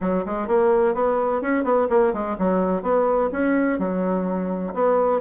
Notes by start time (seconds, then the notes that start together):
0.00 F#3
0.25 G#3
0.47 A#3
0.94 B3
1.41 C#4
1.64 B3
1.89 A#3
2.13 G#3
2.38 F#3
2.82 B3
3.32 C#4
3.79 F#3
4.74 B3